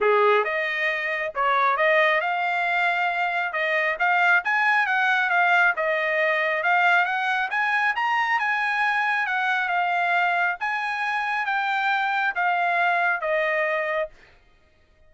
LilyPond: \new Staff \with { instrumentName = "trumpet" } { \time 4/4 \tempo 4 = 136 gis'4 dis''2 cis''4 | dis''4 f''2. | dis''4 f''4 gis''4 fis''4 | f''4 dis''2 f''4 |
fis''4 gis''4 ais''4 gis''4~ | gis''4 fis''4 f''2 | gis''2 g''2 | f''2 dis''2 | }